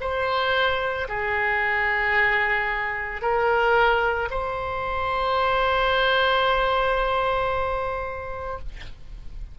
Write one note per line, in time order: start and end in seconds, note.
0.00 1.07 C5
1.08 3.21 G#4
3.21 4.29 A#4
4.30 8.59 C5